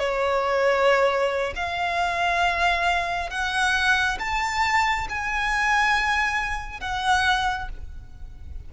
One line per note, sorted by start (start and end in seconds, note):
0.00 1.54 C#5
1.56 3.30 F5
3.30 4.19 F#5
4.20 5.08 A5
5.10 6.81 G#5
6.81 7.69 F#5